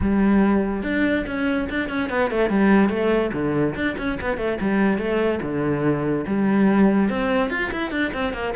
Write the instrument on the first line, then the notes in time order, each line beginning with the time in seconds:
cello
0.00 G3
0.83 D4
1.26 C#4
1.69 D4
1.89 C#4
2.09 B3
2.30 A3
2.49 G3
2.89 A3
3.33 D3
3.75 D4
3.97 C#4
4.20 B3
4.37 A3
4.60 G3
4.98 A3
5.41 D3
6.26 G3
7.09 C4
7.50 F4
7.72 E4
7.91 D4
8.13 C4
8.33 A#3